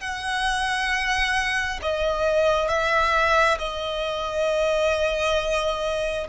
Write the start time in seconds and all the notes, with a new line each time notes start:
0.00 F#5
1.82 D#5
2.68 E5
3.58 D#5